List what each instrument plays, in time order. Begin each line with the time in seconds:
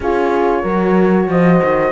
0.00 cello C#4, horn F4 G#4, flute C#5
0.62 cello F#3, horn F#4 A#4
1.28 cello F3, horn C5, flute D#5
1.64 cello D#3